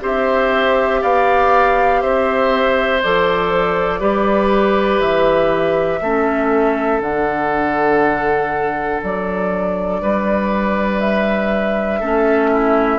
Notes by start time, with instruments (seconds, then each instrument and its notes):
0.00 bassoon C4, clarinet G4, oboe C5, flute E5
1.01 bassoon B3, oboe D5, flute F5
2.01 bassoon C4, oboe C5, flute E5
3.02 bassoon F3, clarinet A4, flute D5
4.00 bassoon G3, clarinet G4, oboe B4
5.00 bassoon E3, flute E5
6.01 bassoon A3, clarinet C#4, oboe A4
7.00 bassoon D3, clarinet D4, flute F#5
9.03 bassoon F#3, flute D5
10.01 bassoon G3, oboe B4
10.99 flute E5
12.00 bassoon A3, clarinet C#4, oboe A4
12.51 oboe E4